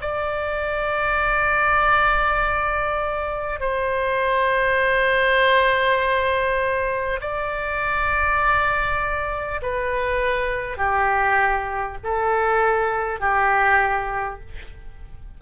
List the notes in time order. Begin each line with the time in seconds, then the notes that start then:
0.00 D5
3.59 C5
7.21 D5
9.62 B4
10.77 G4
12.03 A4
13.19 G4